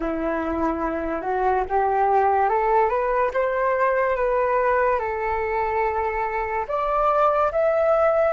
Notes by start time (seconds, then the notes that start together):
0.00 E4
1.21 F#4
1.68 G4
2.49 A4
2.89 B4
3.33 C5
4.16 B4
4.99 A4
6.68 D5
7.52 E5